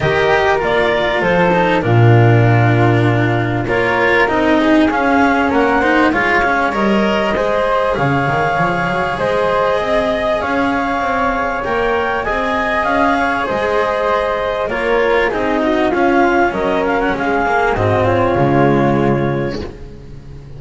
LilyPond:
<<
  \new Staff \with { instrumentName = "clarinet" } { \time 4/4 \tempo 4 = 98 dis''4 d''4 c''4 ais'4~ | ais'2 cis''4 dis''4 | f''4 fis''4 f''4 dis''4~ | dis''4 f''2 dis''4~ |
dis''4 f''2 g''4 | gis''4 f''4 dis''2 | cis''4 dis''4 f''4 dis''8 f''16 fis''16 | f''4 dis''8 cis''2~ cis''8 | }
  \new Staff \with { instrumentName = "flute" } { \time 4/4 ais'2 a'4 f'4~ | f'2 ais'4. gis'8~ | gis'4 ais'8 c''8 cis''2 | c''4 cis''2 c''4 |
dis''4 cis''2. | dis''4. cis''8 c''2 | ais'4 gis'8 fis'8 f'4 ais'4 | gis'4 fis'8 f'2~ f'8 | }
  \new Staff \with { instrumentName = "cello" } { \time 4/4 g'4 f'4. dis'8 d'4~ | d'2 f'4 dis'4 | cis'4. dis'8 f'8 cis'8 ais'4 | gis'1~ |
gis'2. ais'4 | gis'1 | f'4 dis'4 cis'2~ | cis'8 ais8 c'4 gis2 | }
  \new Staff \with { instrumentName = "double bass" } { \time 4/4 dis4 ais4 f4 ais,4~ | ais,2 ais4 c'4 | cis'4 ais4 gis4 g4 | gis4 cis8 dis8 f8 fis8 gis4 |
c'4 cis'4 c'4 ais4 | c'4 cis'4 gis2 | ais4 c'4 cis'4 fis4 | gis4 gis,4 cis2 | }
>>